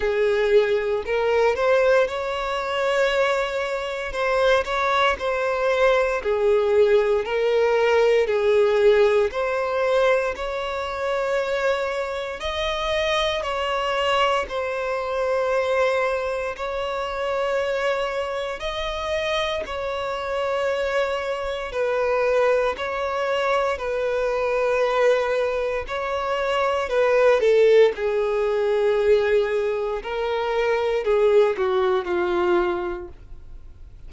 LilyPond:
\new Staff \with { instrumentName = "violin" } { \time 4/4 \tempo 4 = 58 gis'4 ais'8 c''8 cis''2 | c''8 cis''8 c''4 gis'4 ais'4 | gis'4 c''4 cis''2 | dis''4 cis''4 c''2 |
cis''2 dis''4 cis''4~ | cis''4 b'4 cis''4 b'4~ | b'4 cis''4 b'8 a'8 gis'4~ | gis'4 ais'4 gis'8 fis'8 f'4 | }